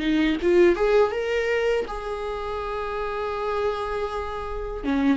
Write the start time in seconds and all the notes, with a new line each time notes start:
0.00 D#4
0.42 F4
0.76 G#4
1.12 A#4
1.88 G#4
4.85 C#4